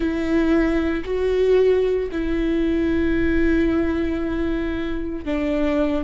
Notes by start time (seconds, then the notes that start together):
0.00 E4
1.04 F#4
2.11 E4
5.25 D4